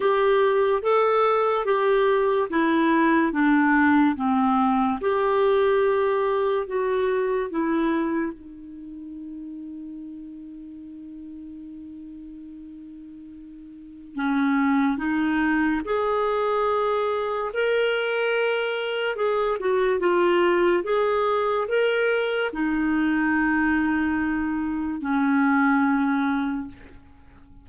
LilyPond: \new Staff \with { instrumentName = "clarinet" } { \time 4/4 \tempo 4 = 72 g'4 a'4 g'4 e'4 | d'4 c'4 g'2 | fis'4 e'4 dis'2~ | dis'1~ |
dis'4 cis'4 dis'4 gis'4~ | gis'4 ais'2 gis'8 fis'8 | f'4 gis'4 ais'4 dis'4~ | dis'2 cis'2 | }